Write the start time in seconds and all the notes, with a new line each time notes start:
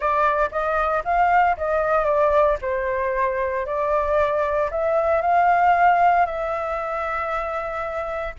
0.00 D5
0.51 D#5
1.04 F5
1.57 D#5
2.05 D5
2.61 C5
3.65 D5
4.70 E5
5.21 F5
6.25 E5